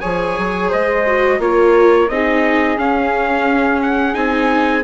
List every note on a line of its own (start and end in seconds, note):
0.00 0.38 F3
0.00 1.04 G#4
0.00 0.69 C#5
0.00 0.69 G#5
0.38 0.72 F#3
0.69 1.38 G#3
0.69 1.38 C5
0.69 1.41 D#5
1.06 1.39 F#4
1.38 2.07 A#3
1.38 2.08 F4
1.38 2.12 A#4
1.38 2.08 C#5
2.08 2.77 C4
2.08 2.77 D#4
2.08 4.84 G#4
2.08 2.77 D#5
2.77 4.13 C#4
2.77 4.15 C#4
2.77 3.81 F5
3.82 4.14 F#5
4.13 4.84 C4
4.13 4.82 D#4
4.13 4.83 G#5